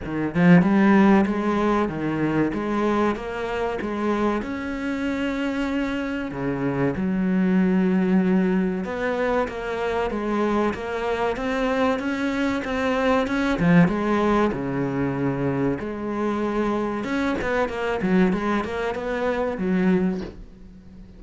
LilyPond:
\new Staff \with { instrumentName = "cello" } { \time 4/4 \tempo 4 = 95 dis8 f8 g4 gis4 dis4 | gis4 ais4 gis4 cis'4~ | cis'2 cis4 fis4~ | fis2 b4 ais4 |
gis4 ais4 c'4 cis'4 | c'4 cis'8 f8 gis4 cis4~ | cis4 gis2 cis'8 b8 | ais8 fis8 gis8 ais8 b4 fis4 | }